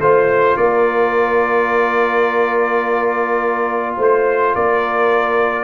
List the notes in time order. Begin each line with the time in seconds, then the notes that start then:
0.00 A3 F4 C5
0.57 A#3 A#4 D5
3.96 A3 C5
4.55 A#3 A#4 D5